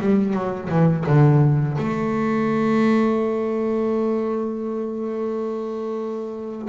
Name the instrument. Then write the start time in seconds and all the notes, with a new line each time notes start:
double bass
0.00 G3
0.34 F#3
0.69 E3
1.07 D3
1.78 A3